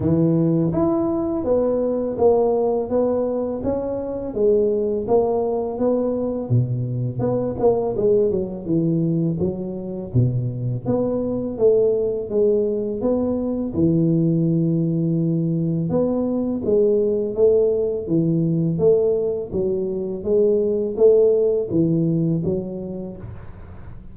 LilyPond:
\new Staff \with { instrumentName = "tuba" } { \time 4/4 \tempo 4 = 83 e4 e'4 b4 ais4 | b4 cis'4 gis4 ais4 | b4 b,4 b8 ais8 gis8 fis8 | e4 fis4 b,4 b4 |
a4 gis4 b4 e4~ | e2 b4 gis4 | a4 e4 a4 fis4 | gis4 a4 e4 fis4 | }